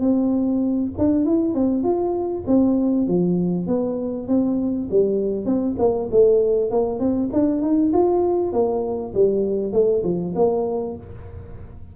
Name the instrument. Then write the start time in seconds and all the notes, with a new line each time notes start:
tuba
0.00 C4
0.98 D4
1.25 E4
1.54 C4
1.83 F4
2.47 C4
3.07 F3
3.67 B3
4.28 C4
4.90 G3
5.45 C4
5.78 A#3
6.10 A3
6.70 A#3
6.99 C4
7.33 D4
7.61 D#4
7.93 F4
8.52 A#3
9.14 G3
9.72 A3
10.04 F3
10.35 A#3